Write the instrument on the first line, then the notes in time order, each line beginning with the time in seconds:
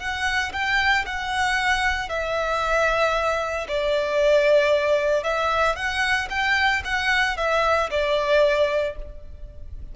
violin
0.00 F#5
0.53 G5
1.06 F#5
2.10 E5
3.68 D5
5.24 E5
5.76 F#5
6.30 G5
6.85 F#5
7.38 E5
7.91 D5